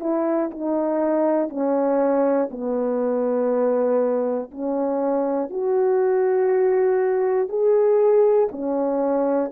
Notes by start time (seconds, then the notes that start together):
0.00 E4
0.51 D#4
1.49 C#4
2.51 B3
4.51 C#4
5.50 F#4
7.49 G#4
8.51 C#4